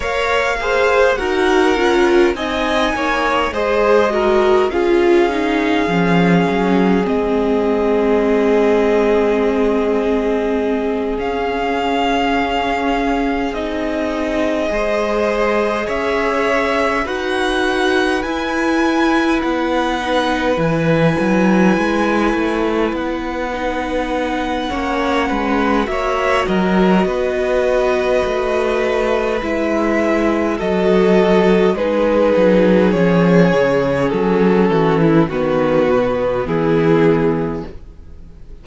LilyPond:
<<
  \new Staff \with { instrumentName = "violin" } { \time 4/4 \tempo 4 = 51 f''4 fis''4 gis''4 dis''4 | f''2 dis''2~ | dis''4. f''2 dis''8~ | dis''4. e''4 fis''4 gis''8~ |
gis''8 fis''4 gis''2 fis''8~ | fis''2 e''8 dis''4.~ | dis''4 e''4 dis''4 b'4 | cis''4 a'4 b'4 gis'4 | }
  \new Staff \with { instrumentName = "violin" } { \time 4/4 cis''8 c''8 ais'4 dis''8 cis''8 c''8 ais'8 | gis'1~ | gis'1~ | gis'8 c''4 cis''4 b'4.~ |
b'1~ | b'4 cis''8 b'8 cis''8 ais'8 b'4~ | b'2 a'4 gis'4~ | gis'4. fis'16 e'16 fis'4 e'4 | }
  \new Staff \with { instrumentName = "viola" } { \time 4/4 ais'8 gis'8 fis'8 f'8 dis'4 gis'8 fis'8 | f'8 dis'8 cis'4 c'2~ | c'4. cis'2 dis'8~ | dis'8 gis'2 fis'4 e'8~ |
e'4 dis'8 e'2~ e'8 | dis'4 cis'4 fis'2~ | fis'4 e'4 fis'4 dis'4 | cis'2 b2 | }
  \new Staff \with { instrumentName = "cello" } { \time 4/4 ais4 dis'8 cis'8 c'8 ais8 gis4 | cis'4 f8 fis8 gis2~ | gis4. cis'2 c'8~ | c'8 gis4 cis'4 dis'4 e'8~ |
e'8 b4 e8 fis8 gis8 a8 b8~ | b4 ais8 gis8 ais8 fis8 b4 | a4 gis4 fis4 gis8 fis8 | f8 cis8 fis8 e8 dis8 b,8 e4 | }
>>